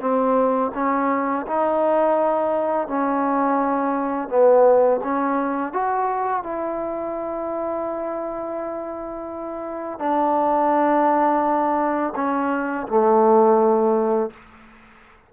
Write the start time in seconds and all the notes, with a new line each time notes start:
0.00 C4
0.74 C#4
1.46 D#4
2.87 C#4
4.29 B3
5.04 C#4
5.73 F#4
6.43 E4
9.99 D4
12.16 C#4
12.87 A3